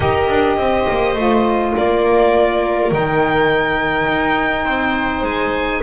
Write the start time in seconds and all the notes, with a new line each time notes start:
0.00 D#4 G4 A#4 D#5
0.29 D4
0.57 C4 C5
0.89 A#3
1.15 A3 F4
1.75 A#3 A#4 D5
2.90 D#3 D#4 G5
4.08 D#4
4.64 C4 C5
5.22 G#3 G#5